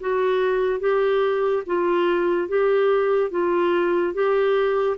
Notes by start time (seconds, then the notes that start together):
0.00 F#4
0.80 G4
1.66 F4
2.48 G4
3.30 F4
4.14 G4